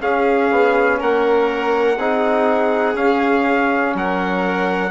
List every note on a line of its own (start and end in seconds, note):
0.00 0.49 C#4
0.00 1.98 C#4
0.00 0.99 G#4
0.00 1.00 F5
0.51 1.00 B3
0.99 1.97 A#3
0.99 1.98 A#4
0.99 2.96 F#5
1.97 2.95 C4
1.97 2.94 D#4
1.97 3.94 G#4
2.94 4.90 C#4
2.94 3.94 C#4
2.94 3.94 F5
3.94 4.90 F#3
3.94 4.90 A#4
3.94 4.90 F#5